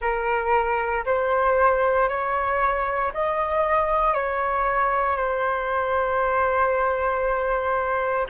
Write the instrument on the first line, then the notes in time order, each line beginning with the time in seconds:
flute
0.01 A#4
1.05 C5
2.08 C#5
3.13 D#5
4.14 C#5
5.17 C5